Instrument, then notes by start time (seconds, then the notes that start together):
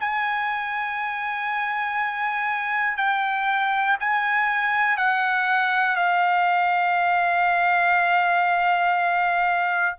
trumpet
0.00 G#5
2.97 G5
4.00 G#5
4.98 F#5
5.96 F5